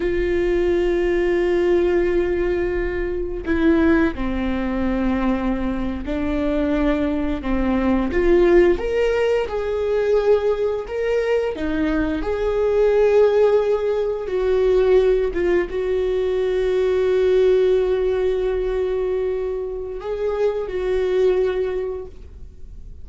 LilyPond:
\new Staff \with { instrumentName = "viola" } { \time 4/4 \tempo 4 = 87 f'1~ | f'4 e'4 c'2~ | c'8. d'2 c'4 f'16~ | f'8. ais'4 gis'2 ais'16~ |
ais'8. dis'4 gis'2~ gis'16~ | gis'8. fis'4. f'8 fis'4~ fis'16~ | fis'1~ | fis'4 gis'4 fis'2 | }